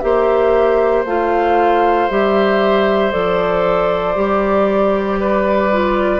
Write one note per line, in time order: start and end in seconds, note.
0.00 1.05 A#3
0.00 1.05 G4
0.00 5.20 C5
0.00 1.03 E5
1.05 2.08 A3
1.05 2.10 F4
1.05 2.09 F5
2.09 3.13 G3
2.09 3.11 G4
2.09 3.12 E5
3.11 4.16 F3
3.11 4.15 A4
3.11 6.20 D5
4.15 6.20 G3
4.15 5.70 G4
5.20 6.20 B4
5.72 6.20 F4